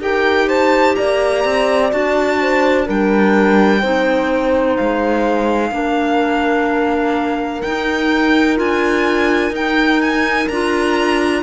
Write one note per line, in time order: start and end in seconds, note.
0.00 0.95 D#4
0.00 1.91 G4
0.00 0.47 A#4
0.00 0.48 G5
0.47 0.95 C5
0.47 0.95 A5
0.95 1.44 A#3
0.95 2.40 D5
0.95 1.90 A#5
1.44 1.92 C4
1.91 2.88 D4
1.91 2.85 F#4
1.91 2.87 A5
2.40 2.86 C5
2.85 3.83 G3
2.85 3.80 D4
2.85 3.80 A#4
2.85 4.76 G5
3.80 4.78 C4
3.80 5.71 D#4
3.80 5.71 C5
4.76 5.71 G#3
4.76 7.61 F5
5.71 7.62 A#3
5.71 7.62 D4
5.71 11.42 A#4
7.61 8.60 D#4
7.61 8.56 D#4
7.61 8.57 G5
8.56 9.51 D4
8.56 9.51 F4
8.56 9.54 G#5
9.51 10.46 D#4
9.51 10.49 D#4
9.51 10.01 G5
10.01 10.48 G#5
10.48 11.42 D4
10.48 11.42 F4
10.48 11.42 A#5